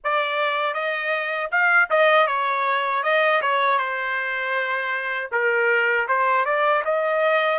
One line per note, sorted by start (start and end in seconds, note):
0.04 0.74 D5
0.74 1.50 D#5
1.51 1.89 F5
1.90 2.27 D#5
2.27 3.03 C#5
3.03 3.41 D#5
3.41 3.78 C#5
3.78 5.30 C5
5.31 6.07 A#4
6.08 6.45 C5
6.45 6.83 D5
6.84 7.59 D#5